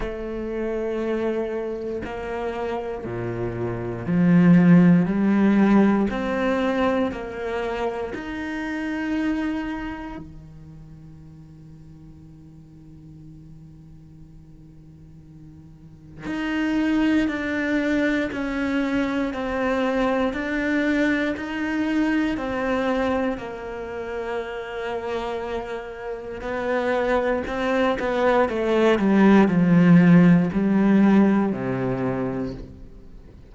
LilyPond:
\new Staff \with { instrumentName = "cello" } { \time 4/4 \tempo 4 = 59 a2 ais4 ais,4 | f4 g4 c'4 ais4 | dis'2 dis2~ | dis1 |
dis'4 d'4 cis'4 c'4 | d'4 dis'4 c'4 ais4~ | ais2 b4 c'8 b8 | a8 g8 f4 g4 c4 | }